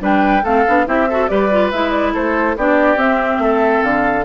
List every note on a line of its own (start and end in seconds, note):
0.00 0.43 G3
0.00 0.42 D4
0.00 0.43 B4
0.00 0.45 G5
0.43 0.65 A3
0.43 0.67 C4
0.43 0.85 A4
0.43 0.87 F5
0.67 0.87 B3
0.67 0.86 D4
0.86 1.30 C4
0.86 1.07 E4
0.86 1.09 G4
0.86 1.28 E5
1.09 1.29 F#4
1.09 1.30 A4
1.28 1.72 G3
1.28 1.50 G4
1.28 2.13 B4
1.28 1.70 D5
1.51 1.72 F4
1.71 2.15 G#3
1.71 2.58 E4
1.71 1.91 E5
1.91 2.12 D5
2.13 2.57 A3
2.13 2.56 A4
2.13 2.57 C5
2.57 2.96 B3
2.57 2.97 D4
2.57 3.42 G4
2.57 2.99 D5
2.96 3.38 C4
2.96 4.24 C4
2.96 3.83 E5
3.39 3.81 A3
3.39 4.24 A4
3.83 4.24 D3
3.83 4.24 F5